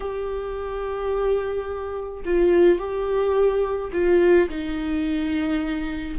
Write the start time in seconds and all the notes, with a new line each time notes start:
0.00 G4
2.25 F4
2.78 G4
3.93 F4
4.49 D#4